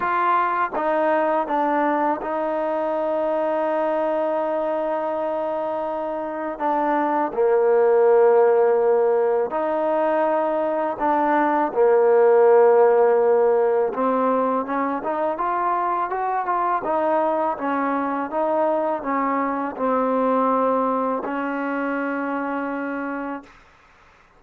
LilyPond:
\new Staff \with { instrumentName = "trombone" } { \time 4/4 \tempo 4 = 82 f'4 dis'4 d'4 dis'4~ | dis'1~ | dis'4 d'4 ais2~ | ais4 dis'2 d'4 |
ais2. c'4 | cis'8 dis'8 f'4 fis'8 f'8 dis'4 | cis'4 dis'4 cis'4 c'4~ | c'4 cis'2. | }